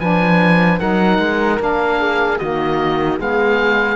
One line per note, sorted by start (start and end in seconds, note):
0.00 0.80 F3
0.00 0.80 D4
0.00 0.80 B4
0.00 0.80 G#5
0.80 1.19 F#3
0.80 1.59 D#4
0.80 2.00 A#4
0.80 1.60 F#5
1.19 1.59 G#3
1.59 2.40 A#3
1.59 2.39 D4
1.59 2.39 F5
2.00 2.40 G#4
2.39 3.20 D#3
2.39 3.18 A#3
2.39 3.19 F#4
2.39 3.19 D#5
3.18 3.97 G#3
3.18 3.97 B3
3.18 3.97 G#4
3.18 3.97 F5